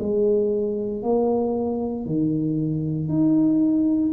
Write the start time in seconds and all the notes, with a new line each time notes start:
0.00 G#3
1.03 A#3
2.06 D#3
3.09 D#4